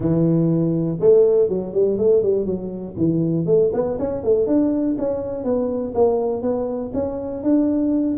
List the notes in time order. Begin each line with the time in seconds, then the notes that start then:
0.00 E3
1.00 A3
1.48 F#3
1.73 G3
1.98 A3
2.22 G3
2.45 F#3
2.97 E3
3.46 A3
3.73 B3
3.98 C#4
4.23 A3
4.47 D4
4.98 C#4
5.44 B3
5.94 A#3
6.42 B3
6.93 C#4
7.43 D4